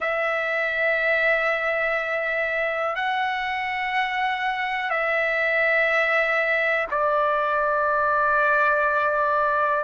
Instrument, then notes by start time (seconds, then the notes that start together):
trumpet
0.00 E5
2.95 F#5
4.90 E5
6.90 D5